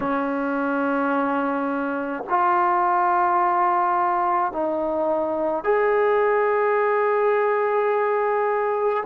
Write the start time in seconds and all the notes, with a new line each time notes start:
0.00 C#4
2.29 F4
4.52 D#4
5.63 G#4